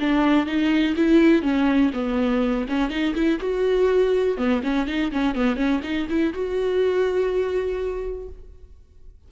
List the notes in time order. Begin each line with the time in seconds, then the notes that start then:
0.00 D4
0.47 D#4
0.96 E4
1.42 C#4
1.94 B3
2.69 C#4
2.90 D#4
3.15 E4
3.40 F#4
4.38 B3
4.64 C#4
4.87 D#4
5.12 C#4
5.35 B3
5.56 C#4
5.83 D#4
6.10 E4
6.33 F#4